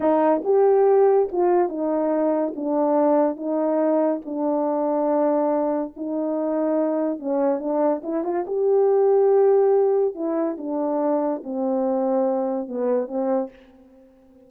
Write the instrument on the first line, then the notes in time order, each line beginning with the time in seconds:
horn
0.00 D#4
0.44 G4
1.31 F4
1.68 D#4
2.55 D4
3.36 D#4
4.25 D4
5.96 D#4
7.19 C#4
7.59 D4
8.03 E4
8.24 F4
8.46 G4
10.14 E4
10.57 D4
11.43 C4
12.67 B3
13.07 C4